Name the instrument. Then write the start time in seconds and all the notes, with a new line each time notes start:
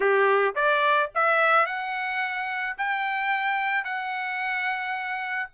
trumpet
0.00 G4
0.55 D5
1.14 E5
1.65 F#5
2.77 G5
3.84 F#5